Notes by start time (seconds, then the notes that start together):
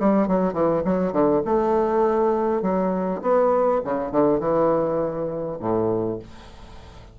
0.00 G3
0.28 F#3
0.53 E3
0.85 F#3
1.13 D3
1.45 A3
2.62 F#3
3.22 B3
3.85 C#3
4.12 D3
4.40 E3
5.60 A2